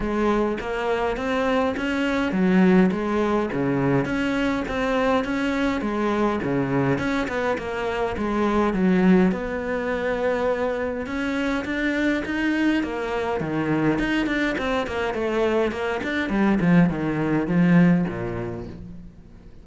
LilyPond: \new Staff \with { instrumentName = "cello" } { \time 4/4 \tempo 4 = 103 gis4 ais4 c'4 cis'4 | fis4 gis4 cis4 cis'4 | c'4 cis'4 gis4 cis4 | cis'8 b8 ais4 gis4 fis4 |
b2. cis'4 | d'4 dis'4 ais4 dis4 | dis'8 d'8 c'8 ais8 a4 ais8 d'8 | g8 f8 dis4 f4 ais,4 | }